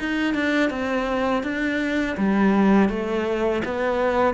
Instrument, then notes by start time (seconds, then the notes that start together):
cello
0.00 D#4
0.35 D4
0.70 C4
1.43 D4
2.18 G3
2.89 A3
3.65 B3